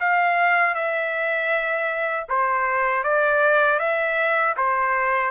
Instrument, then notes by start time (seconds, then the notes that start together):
trumpet
0.00 F5
0.75 E5
2.29 C5
3.03 D5
3.79 E5
4.57 C5